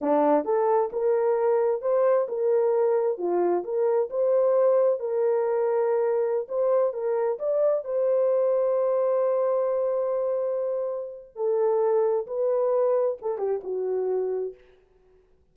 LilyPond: \new Staff \with { instrumentName = "horn" } { \time 4/4 \tempo 4 = 132 d'4 a'4 ais'2 | c''4 ais'2 f'4 | ais'4 c''2 ais'4~ | ais'2~ ais'16 c''4 ais'8.~ |
ais'16 d''4 c''2~ c''8.~ | c''1~ | c''4 a'2 b'4~ | b'4 a'8 g'8 fis'2 | }